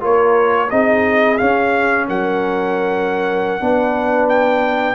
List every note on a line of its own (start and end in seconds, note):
0.00 0.71 A#3
0.00 0.68 F4
0.00 0.69 A#4
0.00 0.70 C#5
0.70 1.39 C4
0.70 1.39 D#4
0.70 2.07 G#4
0.70 1.37 D#5
1.37 3.60 C#4
1.37 2.09 C#4
1.37 2.06 F5
2.07 3.61 F#3
2.07 3.61 A#4
2.07 4.29 F#5
3.60 4.95 B3
3.60 4.95 D4
3.60 4.95 B4
4.29 4.95 G5